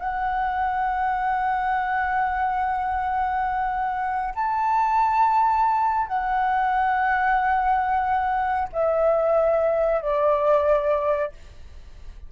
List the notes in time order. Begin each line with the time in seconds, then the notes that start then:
0.00 F#5
4.35 A5
6.08 F#5
8.73 E5
10.02 D5